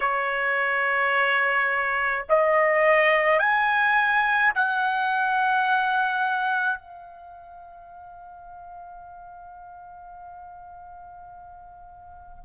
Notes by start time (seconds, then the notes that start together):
0.00 C#5
2.29 D#5
3.39 G#5
4.54 F#5
6.79 F5